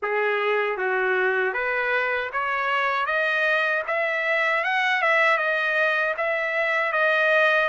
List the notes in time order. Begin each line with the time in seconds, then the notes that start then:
0.02 G#4
0.77 F#4
1.53 B4
2.32 C#5
3.06 D#5
3.87 E5
4.64 F#5
5.01 E5
5.37 D#5
6.17 E5
6.92 D#5